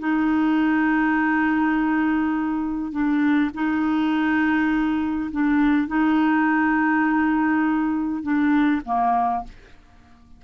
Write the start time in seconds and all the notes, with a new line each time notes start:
0.00 D#4
2.92 D4
3.55 D#4
5.32 D4
5.88 D#4
8.23 D4
8.85 A#3